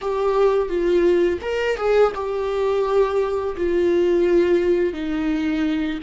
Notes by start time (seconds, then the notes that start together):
0.01 G4
0.68 F4
1.41 A#4
1.76 G#4
2.15 G4
3.56 F4
4.93 D#4